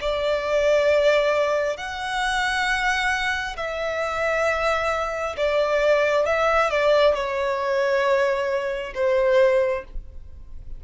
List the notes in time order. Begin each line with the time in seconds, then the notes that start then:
0.00 D5
1.77 F#5
3.56 E5
5.36 D5
6.26 E5
6.70 D5
7.14 C#5
8.94 C5